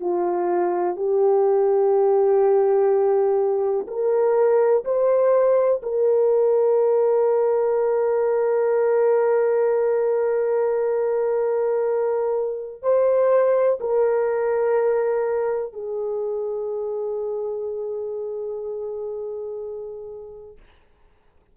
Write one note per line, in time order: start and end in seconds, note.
0.00 0.96 F4
0.96 3.87 G4
3.87 4.84 A#4
4.84 5.81 C5
5.82 12.82 A#4
12.82 13.79 C5
13.80 15.73 A#4
15.73 20.56 G#4